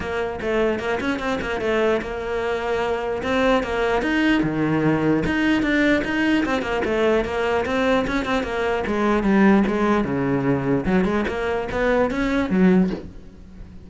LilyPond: \new Staff \with { instrumentName = "cello" } { \time 4/4 \tempo 4 = 149 ais4 a4 ais8 cis'8 c'8 ais8 | a4 ais2. | c'4 ais4 dis'4 dis4~ | dis4 dis'4 d'4 dis'4 |
c'8 ais8 a4 ais4 c'4 | cis'8 c'8 ais4 gis4 g4 | gis4 cis2 fis8 gis8 | ais4 b4 cis'4 fis4 | }